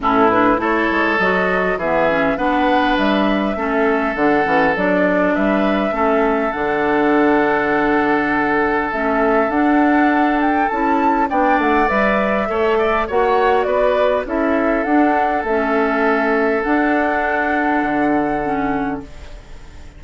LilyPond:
<<
  \new Staff \with { instrumentName = "flute" } { \time 4/4 \tempo 4 = 101 a'8 b'8 cis''4 dis''4 e''4 | fis''4 e''2 fis''4 | d''4 e''2 fis''4~ | fis''2. e''4 |
fis''4. g''8 a''4 g''8 fis''8 | e''2 fis''4 d''4 | e''4 fis''4 e''2 | fis''1 | }
  \new Staff \with { instrumentName = "oboe" } { \time 4/4 e'4 a'2 gis'4 | b'2 a'2~ | a'4 b'4 a'2~ | a'1~ |
a'2. d''4~ | d''4 cis''8 d''8 cis''4 b'4 | a'1~ | a'1 | }
  \new Staff \with { instrumentName = "clarinet" } { \time 4/4 cis'8 d'8 e'4 fis'4 b8 cis'8 | d'2 cis'4 d'8 cis'8 | d'2 cis'4 d'4~ | d'2. cis'4 |
d'2 e'4 d'4 | b'4 a'4 fis'2 | e'4 d'4 cis'2 | d'2. cis'4 | }
  \new Staff \with { instrumentName = "bassoon" } { \time 4/4 a,4 a8 gis8 fis4 e4 | b4 g4 a4 d8 e8 | fis4 g4 a4 d4~ | d2. a4 |
d'2 cis'4 b8 a8 | g4 a4 ais4 b4 | cis'4 d'4 a2 | d'2 d2 | }
>>